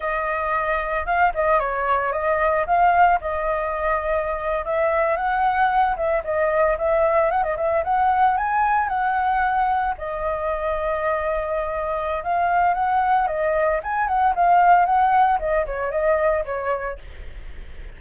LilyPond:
\new Staff \with { instrumentName = "flute" } { \time 4/4 \tempo 4 = 113 dis''2 f''8 dis''8 cis''4 | dis''4 f''4 dis''2~ | dis''8. e''4 fis''4. e''8 dis''16~ | dis''8. e''4 fis''16 dis''16 e''8 fis''4 gis''16~ |
gis''8. fis''2 dis''4~ dis''16~ | dis''2. f''4 | fis''4 dis''4 gis''8 fis''8 f''4 | fis''4 dis''8 cis''8 dis''4 cis''4 | }